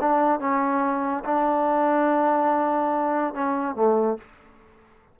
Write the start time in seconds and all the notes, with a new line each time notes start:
0.00 D4
0.40 C#4
1.25 D4
3.34 C#4
3.76 A3